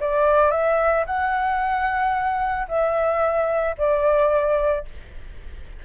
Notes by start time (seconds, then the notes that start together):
0.00 D5
0.51 E5
1.06 F#5
2.68 E5
3.77 D5